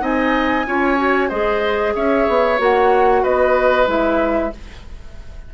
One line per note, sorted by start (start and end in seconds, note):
0.00 0.66 C4
0.00 0.65 D#4
0.00 0.66 D#5
0.00 1.29 G#5
0.66 1.31 C#4
0.66 0.97 F4
0.66 1.29 C#5
0.97 1.29 F#4
1.29 1.95 G#3
1.29 2.58 G#4
1.29 1.93 C5
1.29 1.94 D#5
1.95 2.28 C#4
1.95 3.22 C#5
1.95 2.60 E5
2.28 2.59 B3
2.58 3.24 A#3
2.58 3.86 F#4
2.58 3.24 F#5
3.22 3.87 B3
3.22 4.51 B4
3.22 3.88 D#5
3.86 4.52 G#3
3.86 4.50 E4
3.86 4.54 E5